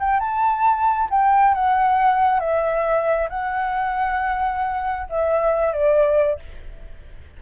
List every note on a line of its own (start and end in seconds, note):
0.00 0.20 G5
0.20 1.09 A5
1.11 1.54 G5
1.54 2.40 F#5
2.40 3.29 E5
3.30 5.07 F#5
5.10 5.73 E5
5.73 6.40 D5